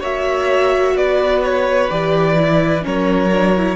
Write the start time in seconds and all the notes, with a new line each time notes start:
0.00 A#3 F#4 C#5 E5
0.95 B3 B4 D5
1.43 C#5
1.89 E3 G4 D5
2.35 E4
2.82 F#3 C#4 A#4 C#5
3.32 D4
3.56 E4